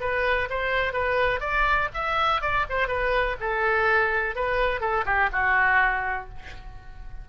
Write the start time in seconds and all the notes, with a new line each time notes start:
0.00 B4
0.49 C5
0.93 B4
1.40 D5
1.94 E5
2.41 D5
2.69 C5
2.88 B4
3.40 A4
4.35 B4
4.80 A4
5.05 G4
5.32 F#4